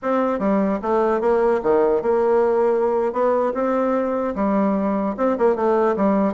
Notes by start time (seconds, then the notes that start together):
0.02 C4
0.39 G3
0.81 A3
1.20 A#3
1.62 D#3
2.02 A#3
3.12 B3
3.53 C4
4.35 G3
5.17 C4
5.37 A#3
5.55 A3
5.96 G3